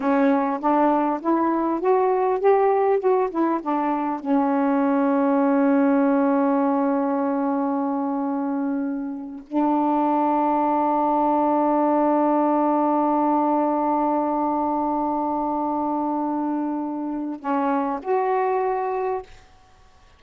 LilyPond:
\new Staff \with { instrumentName = "saxophone" } { \time 4/4 \tempo 4 = 100 cis'4 d'4 e'4 fis'4 | g'4 fis'8 e'8 d'4 cis'4~ | cis'1~ | cis'2.~ cis'8. d'16~ |
d'1~ | d'1~ | d'1~ | d'4 cis'4 fis'2 | }